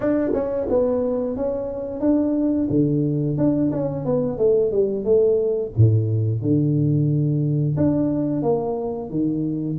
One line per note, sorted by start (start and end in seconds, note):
0.00 0.31 D4
0.33 0.67 C#4
0.69 1.36 B3
1.36 2.00 C#4
2.00 2.68 D4
2.70 3.37 D3
3.37 3.71 D4
3.72 4.05 C#4
4.05 4.38 B3
4.38 4.71 A3
4.71 5.04 G3
5.04 5.71 A3
5.76 6.41 A2
6.41 7.76 D3
7.76 8.42 D4
8.42 9.09 A#3
9.10 9.77 D#3